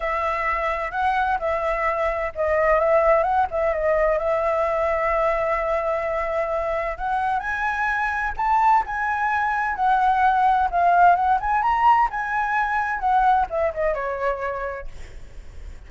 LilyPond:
\new Staff \with { instrumentName = "flute" } { \time 4/4 \tempo 4 = 129 e''2 fis''4 e''4~ | e''4 dis''4 e''4 fis''8 e''8 | dis''4 e''2.~ | e''2. fis''4 |
gis''2 a''4 gis''4~ | gis''4 fis''2 f''4 | fis''8 gis''8 ais''4 gis''2 | fis''4 e''8 dis''8 cis''2 | }